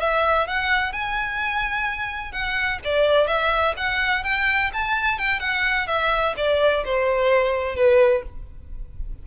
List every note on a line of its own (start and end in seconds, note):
0.00 0.47 E5
0.47 0.92 F#5
0.92 2.32 G#5
2.32 2.79 F#5
2.84 3.27 D5
3.27 3.74 E5
3.77 4.23 F#5
4.23 4.71 G5
4.73 5.18 A5
5.18 5.39 G5
5.39 5.87 F#5
5.87 6.34 E5
6.37 6.84 D5
6.85 7.75 C5
7.75 8.23 B4